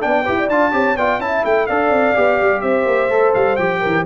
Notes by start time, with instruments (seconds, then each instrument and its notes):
0.00 tuba B3, trombone D4, horn D5, trumpet G5
0.24 tuba E4, trombone G4, horn B4
0.38 horn D5
0.48 tuba D4, trombone F4, trumpet A5
0.72 tuba C4, trombone G4, horn C#5
0.96 tuba B3, trombone F4, horn D5, trumpet G5
1.19 tuba C#4, trombone E4, horn E5, trumpet A5
1.44 tuba A3, trumpet G5
1.66 tuba D4, trombone A4, horn D5, trumpet F5
1.89 tuba C4
2.15 tuba B3, trombone G4
2.41 tuba G3
2.61 tuba C4, horn C5, trumpet E5
2.86 tuba A#3
3.09 tuba A3, trombone A4
3.34 tuba G3, trumpet F5
3.56 tuba F3, trombone G4, trumpet G5
3.80 tuba E3, horn A#4